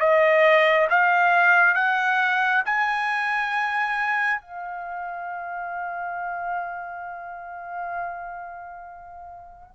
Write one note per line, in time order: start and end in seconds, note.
0.00 0.88 D#5
0.90 1.75 F5
1.75 2.64 F#5
2.66 4.42 G#5
4.42 9.71 F5